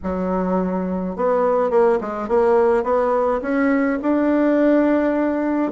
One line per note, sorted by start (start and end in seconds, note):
0.03 1.16 F#3
1.16 1.70 B3
1.70 1.98 A#3
2.01 2.28 G#3
2.28 2.83 A#3
2.83 3.40 B3
3.41 3.98 C#4
4.02 5.71 D4